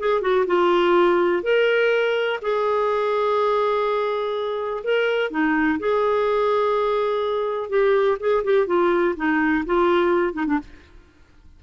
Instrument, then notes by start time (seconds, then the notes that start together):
clarinet
0.00 G#4
0.22 F#4
0.47 F4
1.43 A#4
2.42 G#4
4.84 A#4
5.31 D#4
5.80 G#4
7.70 G4
8.20 G#4
8.44 G4
8.67 F4
9.17 D#4
9.66 F4
10.34 D#4
10.47 D4